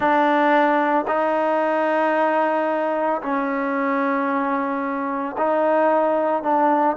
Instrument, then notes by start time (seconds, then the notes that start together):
trombone
0.00 D4
1.07 D#4
3.21 C#4
5.37 D#4
6.43 D4